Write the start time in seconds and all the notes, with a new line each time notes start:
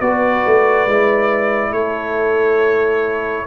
0.00 B3 F#4 B4 D5
0.46 A3
0.87 G#3 E4
1.71 A3 A4 C#5